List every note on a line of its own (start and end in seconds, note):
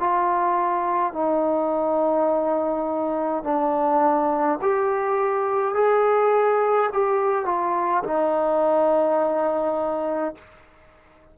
0.00 1.13 F4
1.13 3.44 D#4
3.44 4.59 D4
4.62 5.75 G4
5.75 6.90 G#4
6.93 7.46 G4
7.46 8.03 F4
8.04 10.35 D#4